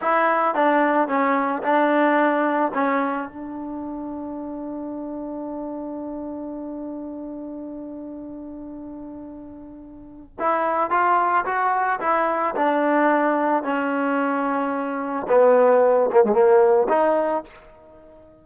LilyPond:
\new Staff \with { instrumentName = "trombone" } { \time 4/4 \tempo 4 = 110 e'4 d'4 cis'4 d'4~ | d'4 cis'4 d'2~ | d'1~ | d'1~ |
d'2. e'4 | f'4 fis'4 e'4 d'4~ | d'4 cis'2. | b4. ais16 gis16 ais4 dis'4 | }